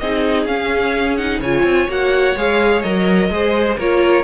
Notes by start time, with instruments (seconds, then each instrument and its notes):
0.00 cello C4, viola D#4, violin G#4 D#5
0.46 cello C#4, viola C#4, violin F5
1.17 viola D#4, violin F#5
1.40 cello C#3, viola F4, violin C#5 G#5
1.64 cello C4
1.89 cello A#3, viola F#4, violin F#5
2.37 cello G#3, viola G#4, violin F5
2.82 cello F#3, viola A#4, violin D#5
3.30 cello G#3, viola G#4, violin C5
3.78 cello A#3, viola F4, violin A#4 C#5